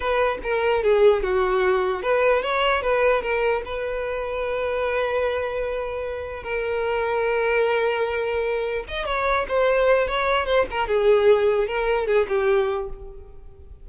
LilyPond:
\new Staff \with { instrumentName = "violin" } { \time 4/4 \tempo 4 = 149 b'4 ais'4 gis'4 fis'4~ | fis'4 b'4 cis''4 b'4 | ais'4 b'2.~ | b'1 |
ais'1~ | ais'2 dis''8 cis''4 c''8~ | c''4 cis''4 c''8 ais'8 gis'4~ | gis'4 ais'4 gis'8 g'4. | }